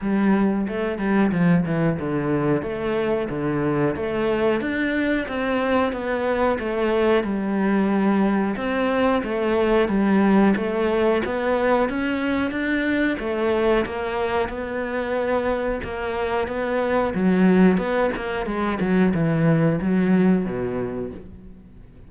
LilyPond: \new Staff \with { instrumentName = "cello" } { \time 4/4 \tempo 4 = 91 g4 a8 g8 f8 e8 d4 | a4 d4 a4 d'4 | c'4 b4 a4 g4~ | g4 c'4 a4 g4 |
a4 b4 cis'4 d'4 | a4 ais4 b2 | ais4 b4 fis4 b8 ais8 | gis8 fis8 e4 fis4 b,4 | }